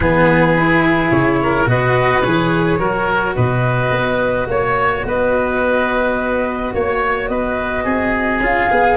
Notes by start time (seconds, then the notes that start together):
0.00 E3 B3 G#4 B4
0.57 E4
1.11 C#3 C#5
1.43 A#4
1.66 B2 F#4 B4 D#5
2.22 E3 G#4 C#5
2.78 F#3 F#4 A#4
3.35 B2 B4 D#5
3.89 B3
4.47 A#3 C#5
5.04 B3 B4 D#5
6.73 A#3 C#5
7.28 B3 B4 D#5
7.84 C4 G#4
8.40 C#4 F4 F5
8.70 B3 G#4